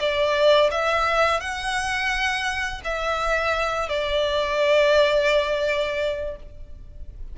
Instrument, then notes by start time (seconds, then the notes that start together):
violin
0.00 D5
0.72 E5
1.41 F#5
2.85 E5
3.90 D5